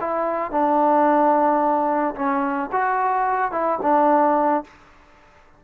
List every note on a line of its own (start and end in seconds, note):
0.00 0.51 E4
0.51 2.14 D4
2.15 2.70 C#4
2.71 3.51 F#4
3.51 3.78 E4
3.82 4.63 D4